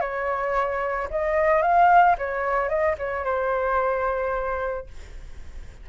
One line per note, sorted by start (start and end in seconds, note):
0.00 1.08 C#5
1.10 1.62 D#5
1.62 2.16 F5
2.18 2.69 C#5
2.69 2.96 D#5
2.98 3.24 C#5
3.24 4.86 C5